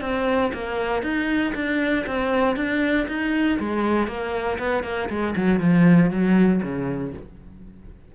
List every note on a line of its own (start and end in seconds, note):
0.00 0.51 C4
0.53 1.02 A#3
1.02 1.53 D#4
1.54 2.05 D4
2.06 2.56 C4
2.56 3.06 D4
3.07 3.58 D#4
3.59 4.07 G#3
4.07 4.58 A#3
4.58 4.83 B3
4.83 5.09 A#3
5.09 5.34 G#3
5.36 5.60 F#3
5.60 6.10 F3
6.10 6.61 F#3
6.62 7.13 C#3